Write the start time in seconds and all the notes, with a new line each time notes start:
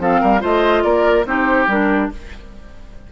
0.00 F3 C4 A4 F5
0.21 G3 A#4
0.40 A3 F4 C5 D#5
0.84 A#3 A#4 D5
1.26 C4 D#4 G4 C5
1.68 G3 D4 A#4